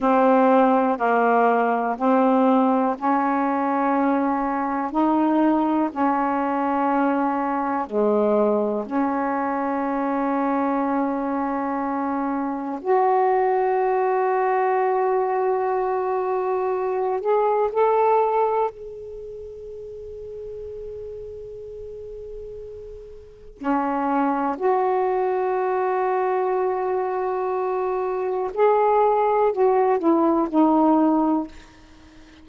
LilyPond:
\new Staff \with { instrumentName = "saxophone" } { \time 4/4 \tempo 4 = 61 c'4 ais4 c'4 cis'4~ | cis'4 dis'4 cis'2 | gis4 cis'2.~ | cis'4 fis'2.~ |
fis'4. gis'8 a'4 gis'4~ | gis'1 | cis'4 fis'2.~ | fis'4 gis'4 fis'8 e'8 dis'4 | }